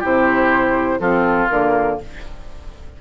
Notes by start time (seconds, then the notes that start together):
0.00 C3 E4 G4 C5
1.00 F3 C4 F4 A4
1.49 D3 A#3 A#4